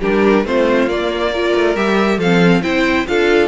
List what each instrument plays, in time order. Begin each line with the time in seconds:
0.00 cello G3, viola D4, violin G4 A#4
0.45 cello A3, viola C4, violin F4 C5
0.88 cello A#3, viola A#3, violin D5
1.33 viola F4, violin A#4
1.56 cello A3
1.76 cello G3, viola G4, violin E5
2.18 cello F3, viola C4, violin A4 F5
2.63 cello C4, viola E4, violin C5 G5
3.07 cello D4, viola F4, violin A4 F5